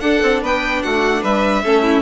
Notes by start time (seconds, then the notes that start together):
0.00 D4 A4 F#5
0.22 C4
0.42 B3 B4 G5
0.82 A3 F#4 F#5
1.22 G3 B4 E5
1.63 A3 C#4 A4
1.82 E4